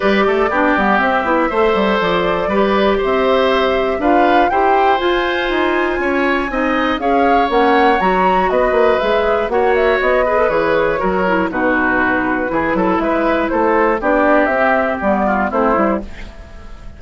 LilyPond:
<<
  \new Staff \with { instrumentName = "flute" } { \time 4/4 \tempo 4 = 120 d''2 e''2 | d''2 e''2 | f''4 g''4 gis''2~ | gis''2 f''4 fis''4 |
ais''4 dis''4 e''4 fis''8 e''8 | dis''4 cis''2 b'4~ | b'2 e''4 c''4 | d''4 e''4 d''4 c''4 | }
  \new Staff \with { instrumentName = "oboe" } { \time 4/4 b'8 a'8 g'2 c''4~ | c''4 b'4 c''2 | b'4 c''2. | cis''4 dis''4 cis''2~ |
cis''4 b'2 cis''4~ | cis''8 b'4. ais'4 fis'4~ | fis'4 gis'8 a'8 b'4 a'4 | g'2~ g'8 f'8 e'4 | }
  \new Staff \with { instrumentName = "clarinet" } { \time 4/4 g'4 d'8 b8 c'8 e'8 a'4~ | a'4 g'2. | f'4 g'4 f'2~ | f'4 dis'4 gis'4 cis'4 |
fis'2 gis'4 fis'4~ | fis'8 gis'16 a'16 gis'4 fis'8 e'8 dis'4~ | dis'4 e'2. | d'4 c'4 b4 c'8 e'8 | }
  \new Staff \with { instrumentName = "bassoon" } { \time 4/4 g8 a8 b8 g8 c'8 b8 a8 g8 | f4 g4 c'2 | d'4 e'4 f'4 dis'4 | cis'4 c'4 cis'4 ais4 |
fis4 b8 ais8 gis4 ais4 | b4 e4 fis4 b,4~ | b,4 e8 fis8 gis4 a4 | b4 c'4 g4 a8 g8 | }
>>